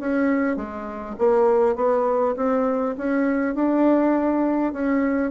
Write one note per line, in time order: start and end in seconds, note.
0.00 0.57 C#4
0.57 1.16 G#3
1.19 1.76 A#3
1.76 2.35 B3
2.37 2.96 C4
2.98 3.55 C#4
3.55 4.73 D4
4.73 5.31 C#4